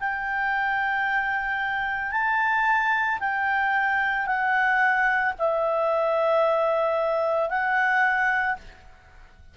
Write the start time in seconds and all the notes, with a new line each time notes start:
0.00 G5
2.12 A5
3.20 G5
4.26 F#5
5.39 E5
7.50 F#5